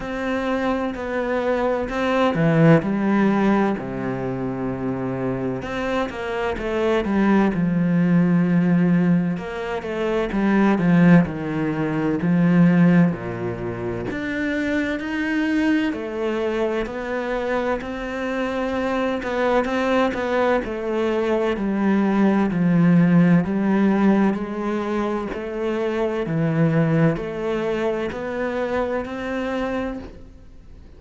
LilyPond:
\new Staff \with { instrumentName = "cello" } { \time 4/4 \tempo 4 = 64 c'4 b4 c'8 e8 g4 | c2 c'8 ais8 a8 g8 | f2 ais8 a8 g8 f8 | dis4 f4 ais,4 d'4 |
dis'4 a4 b4 c'4~ | c'8 b8 c'8 b8 a4 g4 | f4 g4 gis4 a4 | e4 a4 b4 c'4 | }